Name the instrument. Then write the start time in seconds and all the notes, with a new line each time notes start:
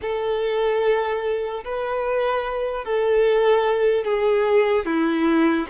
violin
0.01 A4
1.64 B4
2.85 A4
4.04 G#4
4.85 E4